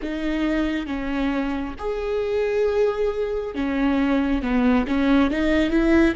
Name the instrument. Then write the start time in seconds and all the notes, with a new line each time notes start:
viola
0.02 D#4
0.86 C#4
1.78 G#4
3.55 C#4
4.42 B3
4.87 C#4
5.30 D#4
5.70 E4